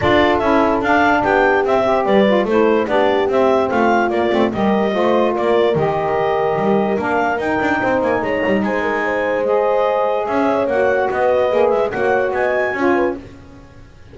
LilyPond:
<<
  \new Staff \with { instrumentName = "clarinet" } { \time 4/4 \tempo 4 = 146 d''4 e''4 f''4 g''4 | e''4 d''4 c''4 d''4 | e''4 f''4 d''4 dis''4~ | dis''4 d''4 dis''2~ |
dis''4 f''4 g''4. gis''8 | ais''4 gis''2 dis''4~ | dis''4 e''4 fis''4 dis''4~ | dis''8 e''8 fis''4 gis''2 | }
  \new Staff \with { instrumentName = "horn" } { \time 4/4 a'2. g'4~ | g'8 c''8 b'4 a'4 g'4~ | g'4 f'2 ais'4 | c''4 ais'2.~ |
ais'2. c''4 | cis''4 c''8 ais'8 c''2~ | c''4 cis''2 b'4~ | b'4 cis''4 dis''4 cis''8 b'8 | }
  \new Staff \with { instrumentName = "saxophone" } { \time 4/4 f'4 e'4 d'2 | c'8 g'4 f'8 e'4 d'4 | c'2 ais8 c'8 g'4 | f'2 g'2~ |
g'4 d'4 dis'2~ | dis'2. gis'4~ | gis'2 fis'2 | gis'4 fis'2 f'4 | }
  \new Staff \with { instrumentName = "double bass" } { \time 4/4 d'4 cis'4 d'4 b4 | c'4 g4 a4 b4 | c'4 a4 ais8 a8 g4 | a4 ais4 dis2 |
g4 ais4 dis'8 d'8 c'8 ais8 | gis8 g8 gis2.~ | gis4 cis'4 ais4 b4 | ais8 gis8 ais4 b4 cis'4 | }
>>